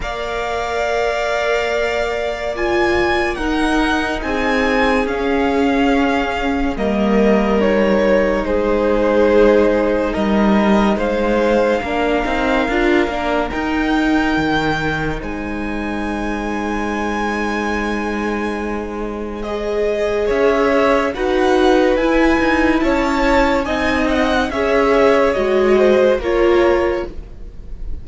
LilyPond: <<
  \new Staff \with { instrumentName = "violin" } { \time 4/4 \tempo 4 = 71 f''2. gis''4 | fis''4 gis''4 f''2 | dis''4 cis''4 c''2 | dis''4 f''2. |
g''2 gis''2~ | gis''2. dis''4 | e''4 fis''4 gis''4 a''4 | gis''8 fis''8 e''4 dis''4 cis''4 | }
  \new Staff \with { instrumentName = "violin" } { \time 4/4 d''1 | ais'4 gis'2. | ais'2 gis'2 | ais'4 c''4 ais'2~ |
ais'2 c''2~ | c''1 | cis''4 b'2 cis''4 | dis''4 cis''4. c''8 ais'4 | }
  \new Staff \with { instrumentName = "viola" } { \time 4/4 ais'2. f'4 | dis'2 cis'2 | ais4 dis'2.~ | dis'2 d'8 dis'8 f'8 d'8 |
dis'1~ | dis'2. gis'4~ | gis'4 fis'4 e'2 | dis'4 gis'4 fis'4 f'4 | }
  \new Staff \with { instrumentName = "cello" } { \time 4/4 ais1 | dis'4 c'4 cis'2 | g2 gis2 | g4 gis4 ais8 c'8 d'8 ais8 |
dis'4 dis4 gis2~ | gis1 | cis'4 dis'4 e'8 dis'8 cis'4 | c'4 cis'4 gis4 ais4 | }
>>